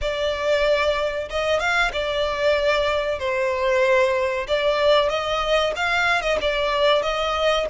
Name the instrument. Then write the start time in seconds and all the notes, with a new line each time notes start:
violin
0.01 D5
1.30 D#5
1.59 F5
1.93 D5
3.19 C5
4.47 D5
5.09 D#5
5.76 F5
6.21 D#5
6.41 D5
7.02 D#5